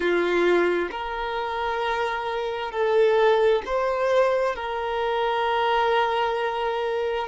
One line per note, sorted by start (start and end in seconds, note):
0.00 0.89 F4
0.91 2.71 A#4
2.71 3.62 A4
3.65 4.55 C5
4.55 7.27 A#4